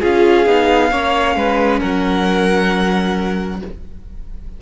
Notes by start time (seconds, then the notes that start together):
0.00 C#4 F4 G#4 F5
0.46 B3 D#4
0.91 A#3 C#4 C#5
1.35 G#3 B4
1.79 F#3 A#4 F#5